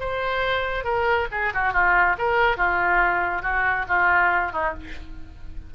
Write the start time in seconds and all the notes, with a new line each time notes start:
0.00 C5
0.84 A#4
1.32 G#4
1.54 F#4
1.73 F4
2.18 A#4
2.57 F4
3.43 F#4
3.88 F4
4.52 D#4